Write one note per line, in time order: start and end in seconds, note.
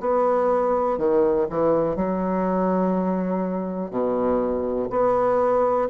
0.00 0.98 B3
0.98 1.47 D#3
1.49 1.96 E3
1.96 3.90 F#3
3.90 4.89 B2
4.90 5.88 B3